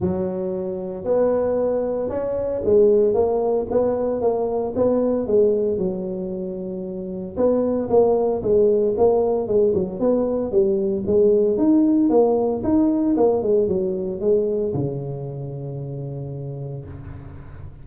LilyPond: \new Staff \with { instrumentName = "tuba" } { \time 4/4 \tempo 4 = 114 fis2 b2 | cis'4 gis4 ais4 b4 | ais4 b4 gis4 fis4~ | fis2 b4 ais4 |
gis4 ais4 gis8 fis8 b4 | g4 gis4 dis'4 ais4 | dis'4 ais8 gis8 fis4 gis4 | cis1 | }